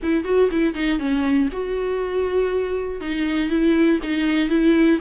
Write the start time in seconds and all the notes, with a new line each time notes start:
0.02 E4
0.24 F#4
0.51 E4
0.74 D#4
0.99 C#4
1.52 F#4
3.00 D#4
3.49 E4
4.02 D#4
4.49 E4